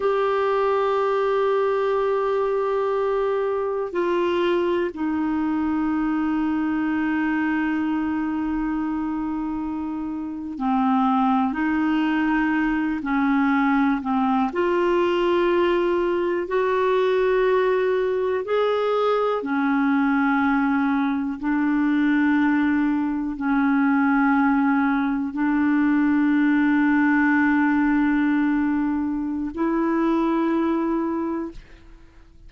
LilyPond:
\new Staff \with { instrumentName = "clarinet" } { \time 4/4 \tempo 4 = 61 g'1 | f'4 dis'2.~ | dis'2~ dis'8. c'4 dis'16~ | dis'4~ dis'16 cis'4 c'8 f'4~ f'16~ |
f'8. fis'2 gis'4 cis'16~ | cis'4.~ cis'16 d'2 cis'16~ | cis'4.~ cis'16 d'2~ d'16~ | d'2 e'2 | }